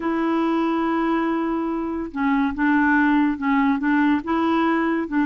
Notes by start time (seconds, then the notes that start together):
0.00 E4
2.11 C#4
2.54 D4
3.37 C#4
3.78 D4
4.23 E4
5.08 D4